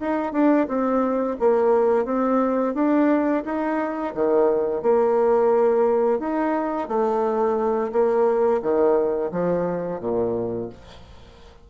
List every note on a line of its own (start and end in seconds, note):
0.00 0.33 D#4
0.33 0.67 D4
0.68 1.37 C4
1.39 2.05 A#3
2.05 2.74 C4
2.74 3.43 D4
3.45 4.14 D#4
4.15 4.82 D#3
4.82 6.20 A#3
6.20 6.88 D#4
6.88 7.92 A3
7.92 8.61 A#3
8.62 9.31 D#3
9.31 10.00 F3
10.00 10.69 A#2